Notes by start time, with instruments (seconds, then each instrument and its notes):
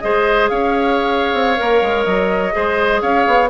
0.00 bassoon G#3, clarinet G#4, oboe C5, flute D#5
0.49 bassoon C#4, oboe C#5, flute F5
1.33 bassoon C4
1.57 bassoon A#3, clarinet A#4
1.82 bassoon G#3
2.04 bassoon F#3, flute D#5
2.52 bassoon G#3, clarinet G#4, oboe C5
3.01 bassoon C#4, oboe C#5, flute F5
3.27 bassoon B3